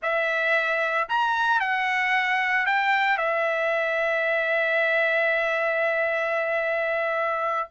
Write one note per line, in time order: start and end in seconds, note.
0.02 1.08 E5
1.09 1.59 A#5
1.59 2.65 F#5
2.65 3.17 G5
3.17 7.68 E5